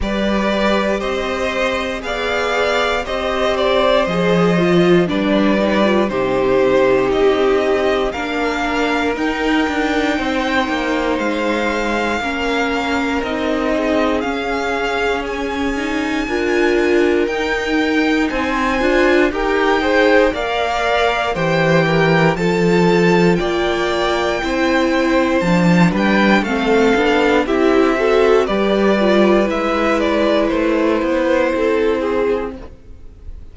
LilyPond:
<<
  \new Staff \with { instrumentName = "violin" } { \time 4/4 \tempo 4 = 59 d''4 dis''4 f''4 dis''8 d''8 | dis''4 d''4 c''4 dis''4 | f''4 g''2 f''4~ | f''4 dis''4 f''4 gis''4~ |
gis''4 g''4 gis''4 g''4 | f''4 g''4 a''4 g''4~ | g''4 a''8 g''8 f''4 e''4 | d''4 e''8 d''8 c''2 | }
  \new Staff \with { instrumentName = "violin" } { \time 4/4 b'4 c''4 d''4 c''4~ | c''4 b'4 g'2 | ais'2 c''2 | ais'4. gis'2~ gis'8 |
ais'2 c''4 ais'8 c''8 | d''4 c''8 ais'8 a'4 d''4 | c''4. b'8 a'4 g'8 a'8 | b'2. a'8 gis'8 | }
  \new Staff \with { instrumentName = "viola" } { \time 4/4 g'2 gis'4 g'4 | gis'8 f'8 d'8 dis'16 f'16 dis'2 | d'4 dis'2. | cis'4 dis'4 cis'4. dis'8 |
f'4 dis'4. f'8 g'8 gis'8 | ais'4 g'4 f'2 | e'4 d'4 c'8 d'8 e'8 fis'8 | g'8 f'8 e'2. | }
  \new Staff \with { instrumentName = "cello" } { \time 4/4 g4 c'4 b4 c'4 | f4 g4 c4 c'4 | ais4 dis'8 d'8 c'8 ais8 gis4 | ais4 c'4 cis'2 |
d'4 dis'4 c'8 d'8 dis'4 | ais4 e4 f4 ais4 | c'4 f8 g8 a8 b8 c'4 | g4 gis4 a8 b8 c'4 | }
>>